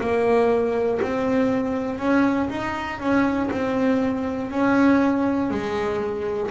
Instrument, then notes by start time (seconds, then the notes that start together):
double bass
0.00 A#3
1.02 C4
1.98 C#4
2.50 D#4
3.00 C#4
3.50 C4
4.50 C#4
5.50 G#3